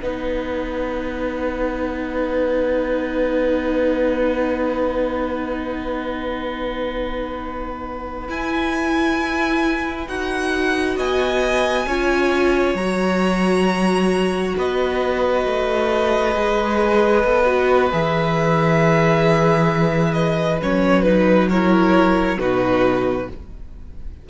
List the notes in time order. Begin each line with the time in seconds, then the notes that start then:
0.00 B3 D#4 B4 F#5
8.28 E4 G#5
10.07 D#4 F#4 F#5
10.96 B3 D#5 G#5
11.86 C#4 F4 C#5
12.74 F#3 F#4 A#5
14.56 B3 B4 D#5
15.46 A3
16.34 G#3 G#4
17.23 B3 A4
17.45 F#4
17.92 E3 G#4 E5
20.12 D#5
20.62 F#3 C#4 C#5
21.02 D#4 B4
21.48 E4 A#4 C#5
22.38 B2 D#4 F#4 B4